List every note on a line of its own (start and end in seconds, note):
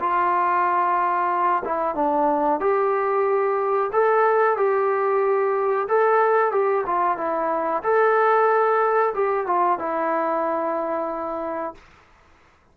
0.00 1.63 F4
1.65 1.95 E4
1.95 2.60 D4
2.60 3.91 G4
3.92 4.57 A4
4.57 5.88 G4
5.88 6.52 A4
6.52 6.85 G4
6.86 7.17 F4
7.17 7.83 E4
7.83 9.14 A4
9.14 9.47 G4
9.47 9.79 F4
9.79 11.75 E4